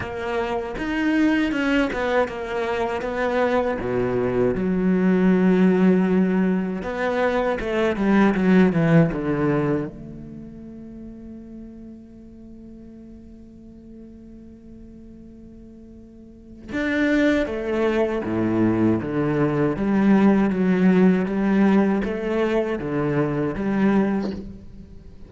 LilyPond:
\new Staff \with { instrumentName = "cello" } { \time 4/4 \tempo 4 = 79 ais4 dis'4 cis'8 b8 ais4 | b4 b,4 fis2~ | fis4 b4 a8 g8 fis8 e8 | d4 a2.~ |
a1~ | a2 d'4 a4 | a,4 d4 g4 fis4 | g4 a4 d4 g4 | }